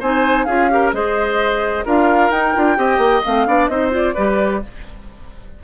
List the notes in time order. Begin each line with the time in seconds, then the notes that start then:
0.00 C4 D#4 C5 G#5
0.45 C#4 F4 G#4 F5
0.70 G4 A#4
0.93 G#3 G#4 C5 D#5
1.85 D4 F4 A#4 F5
2.30 D#4 G5
2.55 D4 F4
2.76 C4 G4 D#5
2.98 A#3
3.24 A3 C4 F5
3.47 B3 D4 D5
3.68 C4 D#4 C5 D#5
3.91 F4 D5
4.14 G3 G4 B4